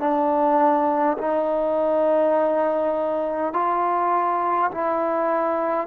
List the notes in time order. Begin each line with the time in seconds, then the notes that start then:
0.00 D4
1.18 D#4
3.53 F4
4.72 E4